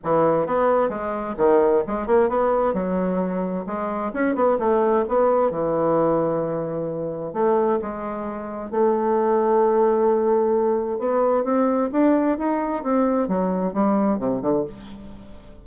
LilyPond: \new Staff \with { instrumentName = "bassoon" } { \time 4/4 \tempo 4 = 131 e4 b4 gis4 dis4 | gis8 ais8 b4 fis2 | gis4 cis'8 b8 a4 b4 | e1 |
a4 gis2 a4~ | a1 | b4 c'4 d'4 dis'4 | c'4 fis4 g4 c8 d8 | }